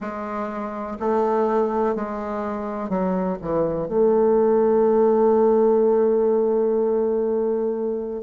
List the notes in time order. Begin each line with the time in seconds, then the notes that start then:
0.00 G#3
0.99 A3
1.95 G#3
2.89 F#3
3.41 E3
3.88 A3